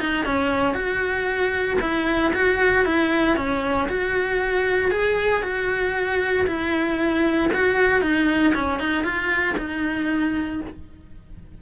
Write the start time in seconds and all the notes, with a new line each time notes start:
0.00 D#4
0.25 C#4
0.74 F#4
1.81 E4
2.34 F#4
2.86 E4
3.36 C#4
3.89 F#4
4.91 G#4
5.43 F#4
6.47 E4
7.53 F#4
8.01 D#4
8.54 C#4
8.80 D#4
9.04 F4
9.58 D#4